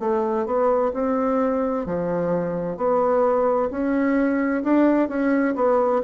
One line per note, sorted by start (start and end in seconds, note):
0.00 0.46 A3
0.46 0.92 B3
0.94 1.86 C4
1.86 2.77 F3
2.77 3.70 B3
3.71 4.63 C#4
4.64 5.09 D4
5.09 5.55 C#4
5.56 6.02 B3